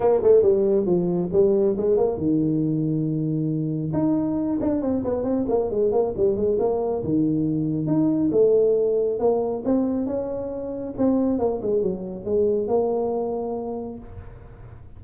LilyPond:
\new Staff \with { instrumentName = "tuba" } { \time 4/4 \tempo 4 = 137 ais8 a8 g4 f4 g4 | gis8 ais8 dis2.~ | dis4 dis'4. d'8 c'8 b8 | c'8 ais8 gis8 ais8 g8 gis8 ais4 |
dis2 dis'4 a4~ | a4 ais4 c'4 cis'4~ | cis'4 c'4 ais8 gis8 fis4 | gis4 ais2. | }